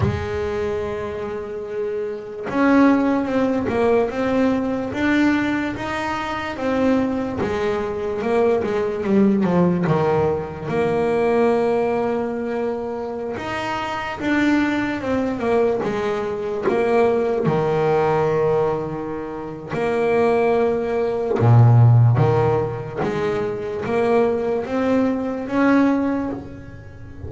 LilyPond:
\new Staff \with { instrumentName = "double bass" } { \time 4/4 \tempo 4 = 73 gis2. cis'4 | c'8 ais8 c'4 d'4 dis'4 | c'4 gis4 ais8 gis8 g8 f8 | dis4 ais2.~ |
ais16 dis'4 d'4 c'8 ais8 gis8.~ | gis16 ais4 dis2~ dis8. | ais2 ais,4 dis4 | gis4 ais4 c'4 cis'4 | }